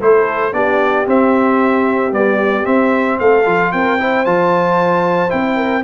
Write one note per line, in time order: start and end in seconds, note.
0.00 0.53 A3
0.00 0.52 E4
0.00 0.54 A4
0.00 0.53 C5
0.52 1.06 B3
0.52 1.05 D4
0.52 3.19 G4
0.52 1.06 D5
1.06 2.11 C4
1.06 2.13 C4
1.06 2.13 E5
2.11 2.63 G3
2.11 2.66 B3
2.11 2.65 D5
2.63 3.43 C4
2.63 3.19 C4
2.63 3.18 E5
3.19 3.46 A3
3.19 3.73 A4
3.19 3.72 F5
3.45 3.73 F3
3.45 3.98 F4
3.72 4.26 C4
3.72 4.01 A#4
3.72 4.25 G5
3.99 4.25 E4
3.99 5.56 C5
4.25 5.32 F3
4.25 5.29 F4
4.25 5.30 A5
5.29 5.84 C4
5.29 5.82 E4
5.29 5.83 G5
5.56 5.83 A#4